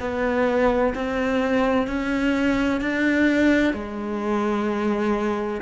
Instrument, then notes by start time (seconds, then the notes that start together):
cello
0.00 B3
0.95 C4
1.87 C#4
2.81 D4
3.74 G#3